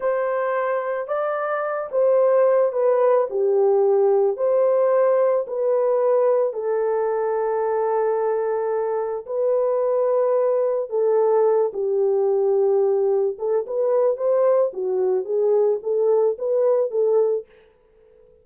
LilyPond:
\new Staff \with { instrumentName = "horn" } { \time 4/4 \tempo 4 = 110 c''2 d''4. c''8~ | c''4 b'4 g'2 | c''2 b'2 | a'1~ |
a'4 b'2. | a'4. g'2~ g'8~ | g'8 a'8 b'4 c''4 fis'4 | gis'4 a'4 b'4 a'4 | }